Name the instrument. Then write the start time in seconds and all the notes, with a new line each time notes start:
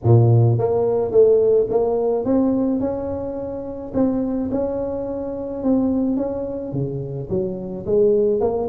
tuba
0.03 A#2
0.58 A#3
1.11 A3
1.69 A#3
2.24 C4
2.80 C#4
3.94 C4
4.51 C#4
5.63 C4
6.16 C#4
6.72 C#3
7.29 F#3
7.86 G#3
8.40 A#3